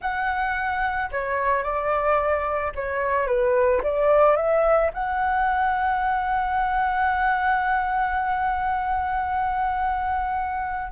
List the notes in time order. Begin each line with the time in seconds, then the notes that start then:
0.01 F#5
1.11 C#5
1.63 D5
2.75 C#5
3.26 B4
3.83 D5
4.36 E5
4.93 F#5